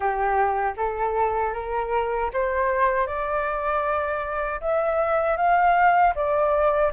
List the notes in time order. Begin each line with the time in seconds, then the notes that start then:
0.00 G4
0.76 A4
1.53 A#4
2.33 C5
3.06 D5
4.60 E5
5.36 F5
6.15 D5